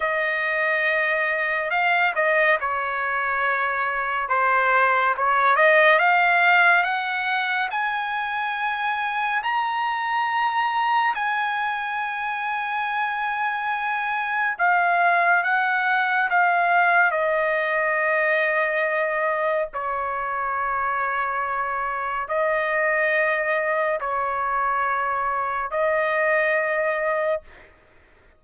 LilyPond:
\new Staff \with { instrumentName = "trumpet" } { \time 4/4 \tempo 4 = 70 dis''2 f''8 dis''8 cis''4~ | cis''4 c''4 cis''8 dis''8 f''4 | fis''4 gis''2 ais''4~ | ais''4 gis''2.~ |
gis''4 f''4 fis''4 f''4 | dis''2. cis''4~ | cis''2 dis''2 | cis''2 dis''2 | }